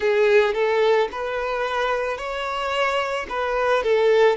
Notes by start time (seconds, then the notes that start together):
0.00 G#4
0.54 A4
1.11 B4
2.17 C#5
3.29 B4
3.83 A4